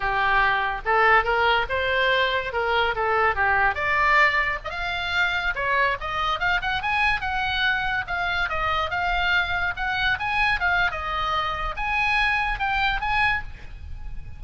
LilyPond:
\new Staff \with { instrumentName = "oboe" } { \time 4/4 \tempo 4 = 143 g'2 a'4 ais'4 | c''2 ais'4 a'4 | g'4 d''2 dis''16 f''8.~ | f''4~ f''16 cis''4 dis''4 f''8 fis''16~ |
fis''16 gis''4 fis''2 f''8.~ | f''16 dis''4 f''2 fis''8.~ | fis''16 gis''4 f''8. dis''2 | gis''2 g''4 gis''4 | }